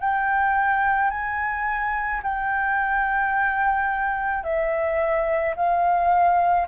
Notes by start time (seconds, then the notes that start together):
0.00 G5
1.10 G#5
2.23 G5
4.43 E5
5.56 F5